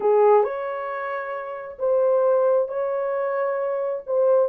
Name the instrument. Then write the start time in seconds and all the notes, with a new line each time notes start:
horn
0.00 G#4
0.43 C#5
1.78 C5
2.68 C#5
4.06 C5